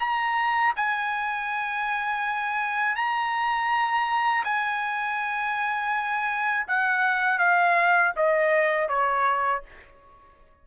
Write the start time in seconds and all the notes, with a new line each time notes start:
0.00 A#5
0.76 G#5
2.96 A#5
4.44 G#5
6.68 F#5
7.39 F5
8.16 D#5
8.89 C#5